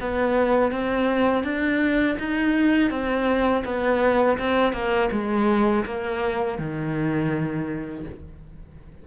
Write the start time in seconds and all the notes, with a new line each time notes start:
0.00 B3
0.72 C4
1.43 D4
2.19 D#4
2.90 C4
3.65 B3
4.38 C4
4.73 A#3
5.11 G#3
5.85 A#3
6.58 D#3